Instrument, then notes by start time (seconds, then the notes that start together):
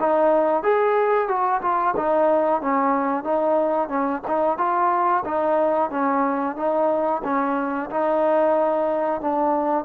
trombone
0.00 D#4
0.64 G#4
1.28 F#4
1.62 F4
1.97 D#4
2.62 C#4
3.24 D#4
3.89 C#4
4.28 D#4
4.58 F4
5.25 D#4
5.91 C#4
6.57 D#4
7.24 C#4
7.90 D#4
9.22 D4